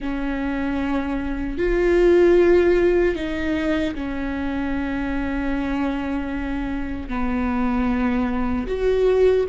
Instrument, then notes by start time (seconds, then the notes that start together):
viola
0.00 C#4
1.58 F4
3.15 D#4
3.94 C#4
7.08 B3
8.67 F#4